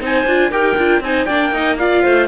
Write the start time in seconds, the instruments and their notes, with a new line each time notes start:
0.00 cello C4, viola D#4, clarinet C5, trumpet G#5
0.26 cello D4, viola F4
0.50 cello D#4, viola G4, clarinet A#4, trumpet G5
0.77 cello D4, viola F4
1.00 cello C4, viola D#4, clarinet C5, trumpet G#5
1.25 cello A#3, viola D4, clarinet D5, trumpet G5
1.52 viola D#4, clarinet D#5
1.78 viola F4, clarinet D5, trumpet F5
2.03 cello A3, clarinet C5